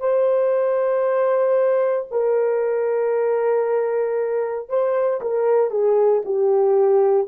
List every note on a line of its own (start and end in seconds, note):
0.00 2.07 C5
2.11 4.69 A#4
4.69 5.21 C5
5.21 5.71 A#4
5.71 6.23 G#4
6.25 7.28 G4